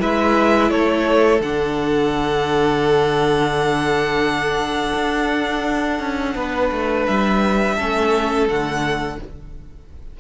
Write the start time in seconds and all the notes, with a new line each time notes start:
0.00 G#3 E4 B4 E5
0.71 A3 A4 C#5
1.41 D3 D4 F#5
4.95 D4
6.00 C#4
6.36 B3 B4
6.72 A3
7.07 G3 E5
7.76 A3 C#4 A4
8.48 D3 A3 F#5